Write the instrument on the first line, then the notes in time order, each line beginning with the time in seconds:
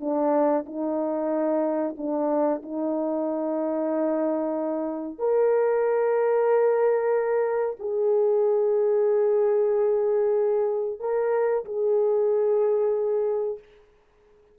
horn
0.00 D4
0.66 D#4
1.97 D4
2.62 D#4
5.18 A#4
7.79 G#4
10.99 A#4
11.65 G#4